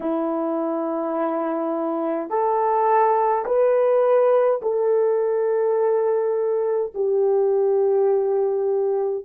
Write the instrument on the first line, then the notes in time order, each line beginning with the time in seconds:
horn
0.00 E4
2.29 A4
3.45 B4
4.62 A4
6.94 G4